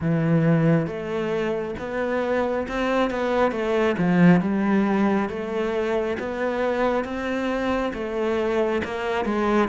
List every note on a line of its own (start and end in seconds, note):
0.00 0.86 E3
0.86 1.74 A3
1.78 2.67 B3
2.68 3.10 C4
3.10 3.51 B3
3.51 3.95 A3
3.97 4.40 F3
4.40 5.29 G3
5.29 6.17 A3
6.19 7.04 B3
7.04 7.92 C4
7.93 8.82 A3
8.84 9.24 A#3
9.24 9.68 G#3